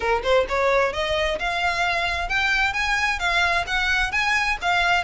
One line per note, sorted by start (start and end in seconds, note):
0.00 0.22 A#4
0.23 0.46 C5
0.48 0.92 C#5
0.92 1.38 D#5
1.39 2.29 F5
2.29 2.73 G5
2.73 3.19 G#5
3.19 3.64 F5
3.66 4.11 F#5
4.11 4.57 G#5
4.61 5.03 F5